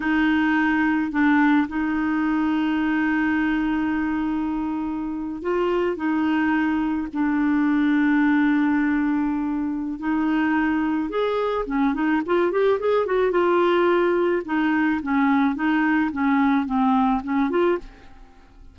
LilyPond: \new Staff \with { instrumentName = "clarinet" } { \time 4/4 \tempo 4 = 108 dis'2 d'4 dis'4~ | dis'1~ | dis'4.~ dis'16 f'4 dis'4~ dis'16~ | dis'8. d'2.~ d'16~ |
d'2 dis'2 | gis'4 cis'8 dis'8 f'8 g'8 gis'8 fis'8 | f'2 dis'4 cis'4 | dis'4 cis'4 c'4 cis'8 f'8 | }